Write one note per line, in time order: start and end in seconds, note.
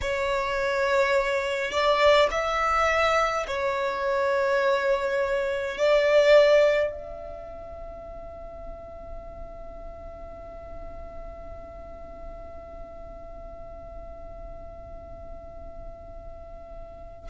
0.01 1.71 C#5
1.71 2.29 D5
2.31 3.46 E5
3.47 5.77 C#5
5.77 6.91 D5
6.91 17.30 E5